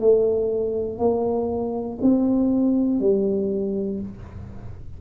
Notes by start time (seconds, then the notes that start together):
0.00 A3
0.99 A#3
2.02 C4
3.00 G3